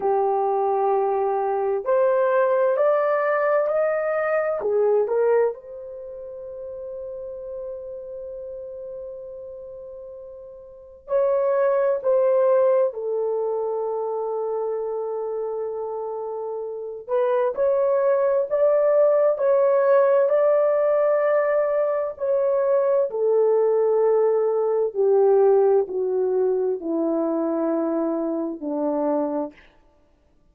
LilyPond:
\new Staff \with { instrumentName = "horn" } { \time 4/4 \tempo 4 = 65 g'2 c''4 d''4 | dis''4 gis'8 ais'8 c''2~ | c''1 | cis''4 c''4 a'2~ |
a'2~ a'8 b'8 cis''4 | d''4 cis''4 d''2 | cis''4 a'2 g'4 | fis'4 e'2 d'4 | }